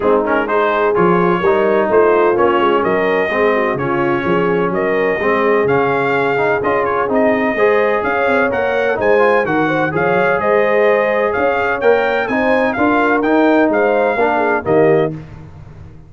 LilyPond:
<<
  \new Staff \with { instrumentName = "trumpet" } { \time 4/4 \tempo 4 = 127 gis'8 ais'8 c''4 cis''2 | c''4 cis''4 dis''2 | cis''2 dis''2 | f''2 dis''8 cis''8 dis''4~ |
dis''4 f''4 fis''4 gis''4 | fis''4 f''4 dis''2 | f''4 g''4 gis''4 f''4 | g''4 f''2 dis''4 | }
  \new Staff \with { instrumentName = "horn" } { \time 4/4 dis'4 gis'2 ais'4 | f'2 ais'4 gis'8 fis'8 | f'4 gis'4 ais'4 gis'4~ | gis'1 |
c''4 cis''2 c''4 | ais'8 c''8 cis''4 c''2 | cis''2 c''4 ais'4~ | ais'4 c''4 ais'8 gis'8 g'4 | }
  \new Staff \with { instrumentName = "trombone" } { \time 4/4 c'8 cis'8 dis'4 f'4 dis'4~ | dis'4 cis'2 c'4 | cis'2. c'4 | cis'4. dis'8 f'4 dis'4 |
gis'2 ais'4 dis'8 f'8 | fis'4 gis'2.~ | gis'4 ais'4 dis'4 f'4 | dis'2 d'4 ais4 | }
  \new Staff \with { instrumentName = "tuba" } { \time 4/4 gis2 f4 g4 | a4 ais8 gis8 fis4 gis4 | cis4 f4 fis4 gis4 | cis2 cis'4 c'4 |
gis4 cis'8 c'8 ais4 gis4 | dis4 f8 fis8 gis2 | cis'4 ais4 c'4 d'4 | dis'4 gis4 ais4 dis4 | }
>>